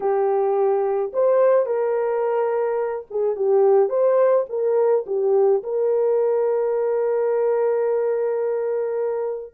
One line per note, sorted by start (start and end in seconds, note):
0.00 1.11 G4
1.13 1.65 C5
1.65 3.06 A#4
3.10 3.35 G#4
3.35 3.89 G4
3.89 4.45 C5
4.49 5.05 A#4
5.06 5.62 G4
5.63 9.53 A#4